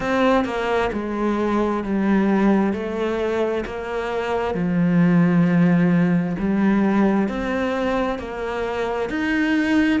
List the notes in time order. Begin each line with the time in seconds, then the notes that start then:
0.00 C4
0.44 A#3
0.93 G#3
1.83 G3
2.73 A3
3.65 A#3
4.54 F3
6.38 G3
7.28 C4
8.19 A#3
9.09 D#4